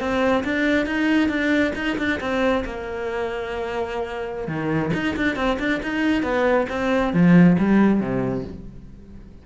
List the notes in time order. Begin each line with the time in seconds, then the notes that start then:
0.00 C4
0.44 D4
0.86 D#4
1.29 D4
1.75 D#4
1.98 D4
2.20 C4
2.65 A#3
4.48 D#3
4.94 D#4
5.17 D4
5.36 C4
5.59 D4
5.83 D#4
6.23 B3
6.69 C4
7.13 F3
7.58 G3
8.00 C3